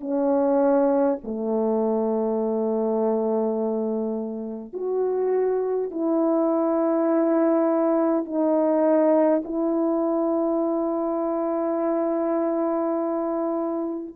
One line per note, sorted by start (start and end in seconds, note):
0.00 1.18 C#4
1.24 4.73 A3
4.73 5.90 F#4
5.90 8.25 E4
8.25 9.42 D#4
9.44 14.14 E4